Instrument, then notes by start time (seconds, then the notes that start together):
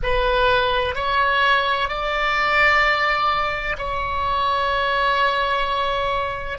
oboe
0.03 B4
0.95 C#5
1.88 D5
3.78 C#5